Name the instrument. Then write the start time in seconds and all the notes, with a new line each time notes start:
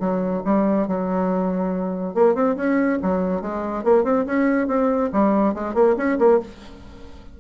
bassoon
0.00 F#3
0.45 G3
0.88 F#3
2.15 A#3
2.35 C4
2.56 C#4
3.02 F#3
3.42 G#3
3.84 A#3
4.04 C4
4.26 C#4
4.68 C4
5.13 G3
5.55 G#3
5.75 A#3
5.97 C#4
6.19 A#3